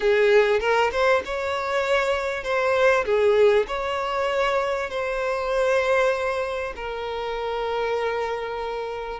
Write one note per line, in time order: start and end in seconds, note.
0.00 0.60 G#4
0.60 0.90 A#4
0.91 1.22 C5
1.25 2.43 C#5
2.43 3.04 C5
3.05 3.66 G#4
3.67 4.90 C#5
4.90 6.73 C5
6.76 9.20 A#4